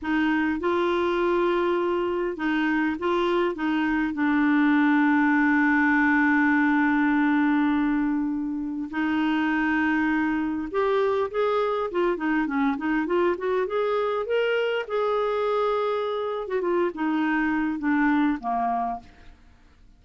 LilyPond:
\new Staff \with { instrumentName = "clarinet" } { \time 4/4 \tempo 4 = 101 dis'4 f'2. | dis'4 f'4 dis'4 d'4~ | d'1~ | d'2. dis'4~ |
dis'2 g'4 gis'4 | f'8 dis'8 cis'8 dis'8 f'8 fis'8 gis'4 | ais'4 gis'2~ gis'8. fis'16 | f'8 dis'4. d'4 ais4 | }